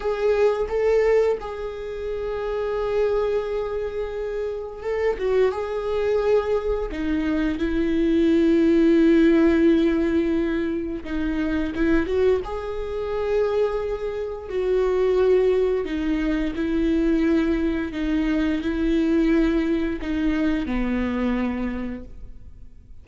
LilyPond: \new Staff \with { instrumentName = "viola" } { \time 4/4 \tempo 4 = 87 gis'4 a'4 gis'2~ | gis'2. a'8 fis'8 | gis'2 dis'4 e'4~ | e'1 |
dis'4 e'8 fis'8 gis'2~ | gis'4 fis'2 dis'4 | e'2 dis'4 e'4~ | e'4 dis'4 b2 | }